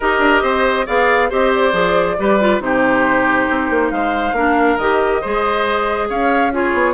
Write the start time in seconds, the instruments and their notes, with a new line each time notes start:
0.00 bassoon D#4, clarinet G4, oboe A#4, flute D#5
0.18 bassoon D4
0.42 bassoon C4, oboe C5
0.85 bassoon B3, clarinet G#4, oboe D5, flute F5
1.29 bassoon C4, clarinet G4, oboe C5, flute D#5
1.54 flute D5
1.72 bassoon F3, clarinet G#4
2.18 bassoon G3, clarinet G4, oboe B4
2.40 clarinet F4
2.60 bassoon C3, clarinet D#4, oboe G4, flute C5
3.49 bassoon C4
3.69 bassoon A#3
3.90 bassoon G#3, oboe C5, flute F5
4.32 bassoon A#3, clarinet D4, oboe A#4
4.77 bassoon D#3, clarinet G4, flute D#5
5.21 bassoon G#3, clarinet G#4, oboe C5
6.09 bassoon C#4, oboe C#5, flute F5
6.52 clarinet F4, oboe G#4, flute C#5
6.73 bassoon B3